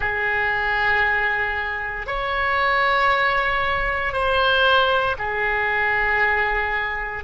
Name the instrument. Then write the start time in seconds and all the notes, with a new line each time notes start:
oboe
0.00 G#4
2.06 C#5
4.12 C5
5.18 G#4